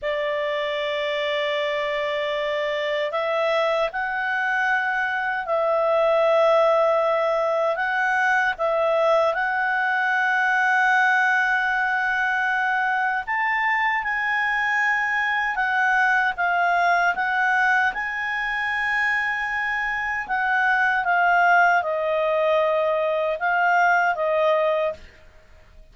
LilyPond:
\new Staff \with { instrumentName = "clarinet" } { \time 4/4 \tempo 4 = 77 d''1 | e''4 fis''2 e''4~ | e''2 fis''4 e''4 | fis''1~ |
fis''4 a''4 gis''2 | fis''4 f''4 fis''4 gis''4~ | gis''2 fis''4 f''4 | dis''2 f''4 dis''4 | }